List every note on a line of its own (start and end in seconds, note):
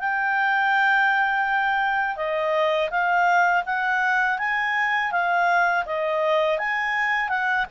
0.00 2.17 G5
2.17 2.90 D#5
2.91 3.64 F5
3.66 4.39 F#5
4.39 5.12 G#5
5.12 5.85 F5
5.86 6.59 D#5
6.59 7.29 G#5
7.29 7.66 F#5